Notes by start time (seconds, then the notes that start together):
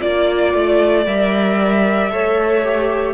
0.00 A#3 F4 D5
0.53 A3
1.06 G3 A#4 E5
2.10 A3 A4 C#5
2.63 G4